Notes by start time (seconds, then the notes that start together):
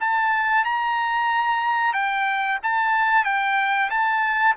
0.00 A5
0.64 A#5
1.93 G5
2.63 A5
3.24 G5
3.90 A5